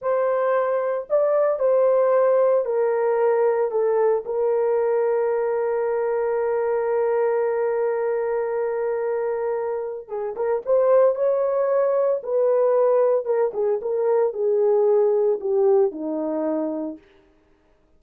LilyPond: \new Staff \with { instrumentName = "horn" } { \time 4/4 \tempo 4 = 113 c''2 d''4 c''4~ | c''4 ais'2 a'4 | ais'1~ | ais'1~ |
ais'2. gis'8 ais'8 | c''4 cis''2 b'4~ | b'4 ais'8 gis'8 ais'4 gis'4~ | gis'4 g'4 dis'2 | }